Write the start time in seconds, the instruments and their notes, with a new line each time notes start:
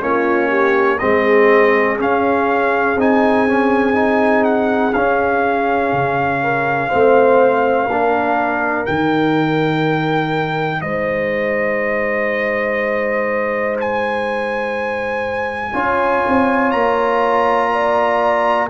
0.00 tuba A#3, trombone C#4, horn F4, trumpet C#5
0.49 horn G4
0.98 tuba G#3, trombone C4, horn G#4, trumpet D#5
1.98 trombone C#4, tuba C#4, trumpet F5
2.95 tuba C4, trombone D#4, trumpet G#5
3.48 trombone C#4
3.93 trombone D#4
4.44 trumpet F#5
4.93 tuba C#4, trombone C#4, trumpet F5
5.92 tuba C#3
6.42 horn A#4
6.88 tuba A3, trombone C4, horn C5
7.86 tuba A#3, trombone D4, horn A#4
8.85 tuba D#3, trombone D#4, trumpet G5
10.81 tuba G#3, horn C5, trumpet D#5
13.80 trumpet G#5
15.73 tuba C#4, trombone F4, horn C#5
16.27 tuba C4
16.71 tuba A#3, trumpet A#5
17.72 horn D5